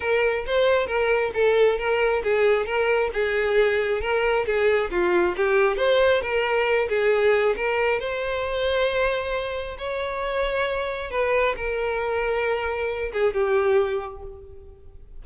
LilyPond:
\new Staff \with { instrumentName = "violin" } { \time 4/4 \tempo 4 = 135 ais'4 c''4 ais'4 a'4 | ais'4 gis'4 ais'4 gis'4~ | gis'4 ais'4 gis'4 f'4 | g'4 c''4 ais'4. gis'8~ |
gis'4 ais'4 c''2~ | c''2 cis''2~ | cis''4 b'4 ais'2~ | ais'4. gis'8 g'2 | }